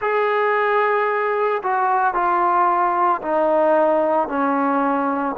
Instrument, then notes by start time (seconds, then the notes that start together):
trombone
0.01 G#4
1.63 F#4
2.14 F4
3.21 D#4
4.28 C#4